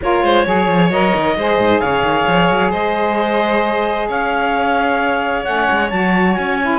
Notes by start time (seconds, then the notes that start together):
0.02 A#3 F4 A#4 C#5
0.23 G#3 C5
0.45 F#3 G#4 C#5
0.68 F3
0.90 F#3 A#4 D#5
1.15 D#3
1.36 G#3 G#4 C5
1.58 G#2
1.79 C#3 C#5 F5
2.02 D#3
2.27 F3
2.50 F#3
2.71 G#3 C5 D#5
4.08 C#4 C#5 F5
5.43 A3 C#4 F#5
5.70 G#3
5.89 F#3 F#4 A5
6.34 C#4 G#5
6.60 E4
6.73 B4